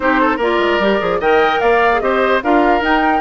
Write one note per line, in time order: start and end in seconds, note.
0.00 0.38 C4
0.00 0.38 D#4
0.00 0.20 G4
0.00 0.39 C5
0.20 0.36 A4
0.36 0.58 A#3
0.36 0.81 F4
0.36 1.17 A#4
0.36 1.21 D5
0.58 0.78 G#3
0.79 0.99 G3
0.79 0.99 G4
0.99 1.20 F3
0.99 1.20 G#4
1.20 1.60 D#3
1.20 1.92 A#4
1.20 1.60 D#5
1.20 1.60 G5
1.60 2.01 A#3
1.60 2.00 D5
1.60 2.00 F5
1.92 2.01 G#4
2.00 2.41 C4
2.00 2.41 G4
2.00 2.43 C5
2.00 2.40 D#5
2.43 2.81 D4
2.43 2.81 F4
2.43 3.21 A#4
2.43 2.83 F5
2.81 3.21 D#4
2.81 3.21 G5